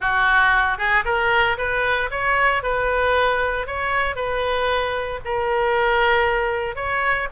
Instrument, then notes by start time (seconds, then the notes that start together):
oboe
0.00 F#4
0.78 G#4
1.05 A#4
1.57 B4
2.10 C#5
2.62 B4
3.66 C#5
4.15 B4
5.24 A#4
6.75 C#5